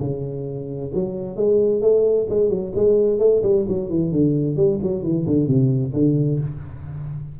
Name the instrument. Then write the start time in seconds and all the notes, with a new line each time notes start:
tuba
0.00 C#3
0.94 F#3
1.36 G#3
1.81 A3
2.29 G#3
2.50 F#3
2.75 G#3
3.19 A3
3.43 G3
3.68 F#3
3.90 E3
4.12 D3
4.56 G3
4.83 F#3
5.03 E3
5.27 D3
5.47 C3
5.94 D3